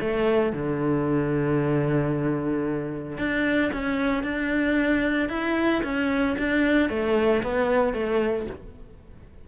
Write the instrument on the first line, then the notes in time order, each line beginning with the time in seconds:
cello
0.00 A3
0.52 D3
3.18 D4
3.72 C#4
4.23 D4
5.29 E4
5.83 C#4
6.38 D4
6.89 A3
7.43 B3
7.93 A3